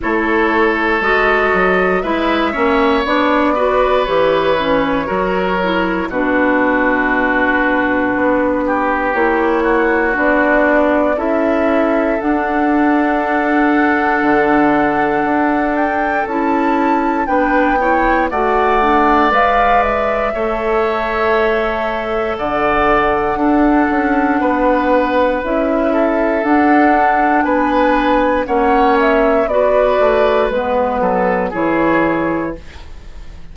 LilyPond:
<<
  \new Staff \with { instrumentName = "flute" } { \time 4/4 \tempo 4 = 59 cis''4 dis''4 e''4 d''4 | cis''2 b'2~ | b'4 cis''4 d''4 e''4 | fis''2.~ fis''8 g''8 |
a''4 g''4 fis''4 f''8 e''8~ | e''2 fis''2~ | fis''4 e''4 fis''4 gis''4 | fis''8 e''8 d''4 b'4 cis''4 | }
  \new Staff \with { instrumentName = "oboe" } { \time 4/4 a'2 b'8 cis''4 b'8~ | b'4 ais'4 fis'2~ | fis'8 g'4 fis'4. a'4~ | a'1~ |
a'4 b'8 cis''8 d''2 | cis''2 d''4 a'4 | b'4. a'4. b'4 | cis''4 b'4. a'8 gis'4 | }
  \new Staff \with { instrumentName = "clarinet" } { \time 4/4 e'4 fis'4 e'8 cis'8 d'8 fis'8 | g'8 cis'8 fis'8 e'8 d'2~ | d'4 e'4 d'4 e'4 | d'1 |
e'4 d'8 e'8 fis'8 d'8 b'4 | a'2. d'4~ | d'4 e'4 d'2 | cis'4 fis'4 b4 e'4 | }
  \new Staff \with { instrumentName = "bassoon" } { \time 4/4 a4 gis8 fis8 gis8 ais8 b4 | e4 fis4 b,2 | b4 ais4 b4 cis'4 | d'2 d4 d'4 |
cis'4 b4 a4 gis4 | a2 d4 d'8 cis'8 | b4 cis'4 d'4 b4 | ais4 b8 a8 gis8 fis8 e4 | }
>>